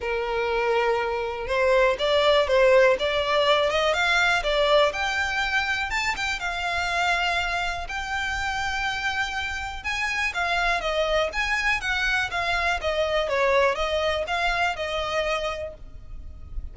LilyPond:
\new Staff \with { instrumentName = "violin" } { \time 4/4 \tempo 4 = 122 ais'2. c''4 | d''4 c''4 d''4. dis''8 | f''4 d''4 g''2 | a''8 g''8 f''2. |
g''1 | gis''4 f''4 dis''4 gis''4 | fis''4 f''4 dis''4 cis''4 | dis''4 f''4 dis''2 | }